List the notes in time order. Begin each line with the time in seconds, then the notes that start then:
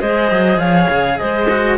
0.00 G#3 G#4 C5 D#5
0.32 F#3
0.58 F3 C#5 F5
0.90 C#3
1.18 G#3 C5 D#5
1.50 F#4